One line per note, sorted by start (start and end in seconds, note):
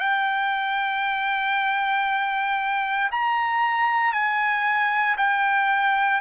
0.00 3.10 G5
3.11 4.13 A#5
4.13 5.16 G#5
5.17 6.21 G5